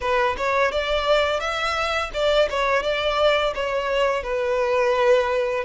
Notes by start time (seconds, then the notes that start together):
0.00 B4
0.37 C#5
0.71 D5
1.39 E5
2.13 D5
2.50 C#5
2.82 D5
3.55 C#5
4.23 B4